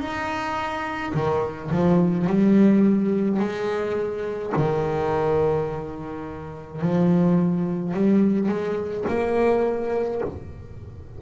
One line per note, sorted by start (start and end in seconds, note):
0.00 1.13 D#4
1.15 1.71 D#3
1.71 2.27 F3
2.27 3.40 G3
3.40 4.53 G#3
4.56 6.82 D#3
6.82 7.94 F3
7.94 8.49 G3
8.49 9.06 G#3
9.09 10.22 A#3